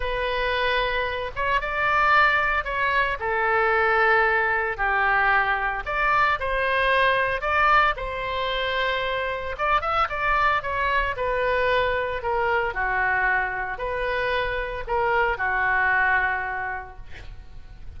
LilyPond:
\new Staff \with { instrumentName = "oboe" } { \time 4/4 \tempo 4 = 113 b'2~ b'8 cis''8 d''4~ | d''4 cis''4 a'2~ | a'4 g'2 d''4 | c''2 d''4 c''4~ |
c''2 d''8 e''8 d''4 | cis''4 b'2 ais'4 | fis'2 b'2 | ais'4 fis'2. | }